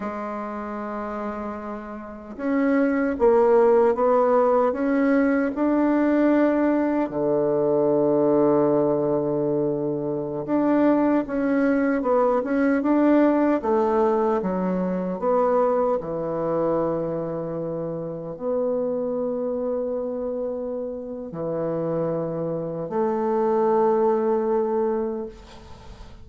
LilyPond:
\new Staff \with { instrumentName = "bassoon" } { \time 4/4 \tempo 4 = 76 gis2. cis'4 | ais4 b4 cis'4 d'4~ | d'4 d2.~ | d4~ d16 d'4 cis'4 b8 cis'16~ |
cis'16 d'4 a4 fis4 b8.~ | b16 e2. b8.~ | b2. e4~ | e4 a2. | }